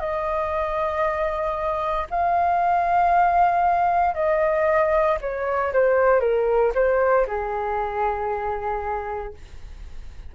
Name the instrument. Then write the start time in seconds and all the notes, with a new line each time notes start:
flute
0.00 D#5
2.10 F5
4.15 D#5
5.21 C#5
5.73 C5
6.21 A#4
6.75 C5
7.27 G#4